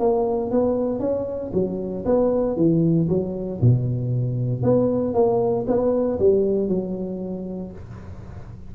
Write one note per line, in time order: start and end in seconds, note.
0.00 0.51 A#3
0.51 1.00 B3
1.00 1.52 C#4
1.54 2.05 F#3
2.06 2.57 B3
2.57 3.08 E3
3.09 3.61 F#3
3.62 4.63 B2
4.63 5.14 B3
5.14 5.66 A#3
5.68 6.19 B3
6.20 6.69 G3
6.69 7.72 F#3